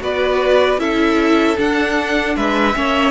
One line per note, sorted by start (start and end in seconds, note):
0.00 0.77 B3
0.00 0.78 F#4
0.00 0.80 B4
0.00 0.80 D5
0.77 1.55 C#4
0.77 1.56 E4
0.77 2.36 A4
0.77 1.57 E5
1.57 2.74 D4
1.57 2.36 D4
1.57 2.36 F#5
2.36 2.75 G#3
2.36 2.75 B4
2.36 3.11 E5
2.74 3.11 A#3
2.74 3.11 C#4
2.74 3.11 C#5